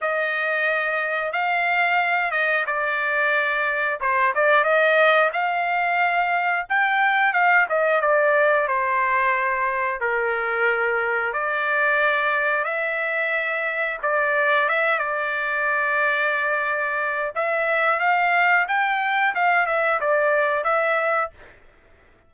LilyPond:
\new Staff \with { instrumentName = "trumpet" } { \time 4/4 \tempo 4 = 90 dis''2 f''4. dis''8 | d''2 c''8 d''8 dis''4 | f''2 g''4 f''8 dis''8 | d''4 c''2 ais'4~ |
ais'4 d''2 e''4~ | e''4 d''4 e''8 d''4.~ | d''2 e''4 f''4 | g''4 f''8 e''8 d''4 e''4 | }